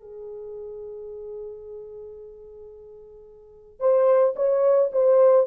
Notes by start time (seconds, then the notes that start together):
0.00 G#4
3.80 C5
4.36 C#5
4.92 C5